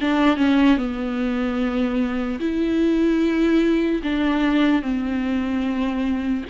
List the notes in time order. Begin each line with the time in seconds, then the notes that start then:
0.00 D4
0.36 C#4
0.77 B3
2.39 E4
4.03 D4
4.82 C4